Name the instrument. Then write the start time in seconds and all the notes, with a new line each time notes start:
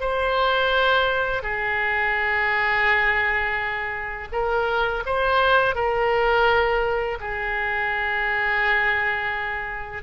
oboe
0.00 C5
1.42 G#4
4.32 A#4
5.06 C5
5.75 A#4
7.20 G#4